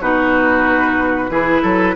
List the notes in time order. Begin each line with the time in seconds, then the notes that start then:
0.00 B2 D#4 F#4 B4
1.29 E3 E4 G#4
1.62 F#3 A4